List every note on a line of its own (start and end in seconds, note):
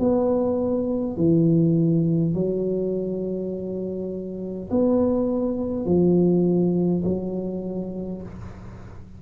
0.00 1.17 B3
1.17 2.34 E3
2.34 4.70 F#3
4.71 5.86 B3
5.86 7.04 F3
7.05 8.22 F#3